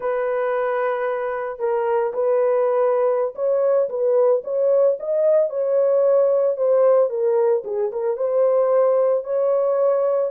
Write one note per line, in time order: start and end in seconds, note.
0.00 1.59 B4
1.59 2.12 A#4
2.13 3.34 B4
3.35 3.88 C#5
3.89 4.42 B4
4.43 4.97 C#5
4.99 5.49 D#5
5.49 6.56 C#5
6.56 7.09 C5
7.09 7.63 A#4
7.64 7.91 G#4
7.92 8.16 A#4
8.16 9.24 C5
9.24 10.31 C#5